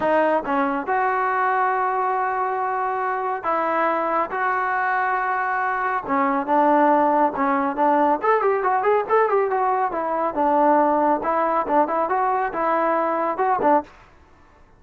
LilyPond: \new Staff \with { instrumentName = "trombone" } { \time 4/4 \tempo 4 = 139 dis'4 cis'4 fis'2~ | fis'1 | e'2 fis'2~ | fis'2 cis'4 d'4~ |
d'4 cis'4 d'4 a'8 g'8 | fis'8 gis'8 a'8 g'8 fis'4 e'4 | d'2 e'4 d'8 e'8 | fis'4 e'2 fis'8 d'8 | }